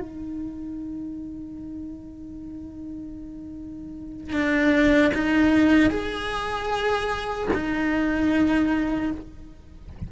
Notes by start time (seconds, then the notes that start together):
0.00 D#4
4.33 D4
5.14 D#4
5.90 G#4
7.54 D#4